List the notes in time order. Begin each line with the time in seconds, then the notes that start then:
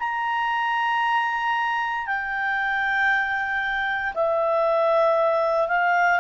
0.00 A#5
2.07 G5
4.15 E5
5.68 F5